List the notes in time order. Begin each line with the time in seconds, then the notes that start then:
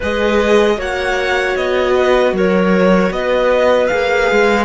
0.00 G#3 G#4 B4 D#5
0.77 A#3 F#4 C#5 F#5
1.56 B3 D#5
1.96 B4
2.32 F#3 A#4 C#5
3.10 B3 B4 D#5
3.87 A#3 G#4 F5
4.31 G#3